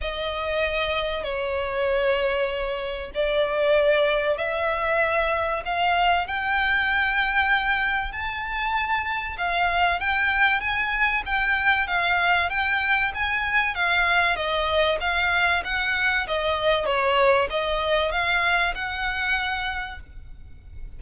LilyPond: \new Staff \with { instrumentName = "violin" } { \time 4/4 \tempo 4 = 96 dis''2 cis''2~ | cis''4 d''2 e''4~ | e''4 f''4 g''2~ | g''4 a''2 f''4 |
g''4 gis''4 g''4 f''4 | g''4 gis''4 f''4 dis''4 | f''4 fis''4 dis''4 cis''4 | dis''4 f''4 fis''2 | }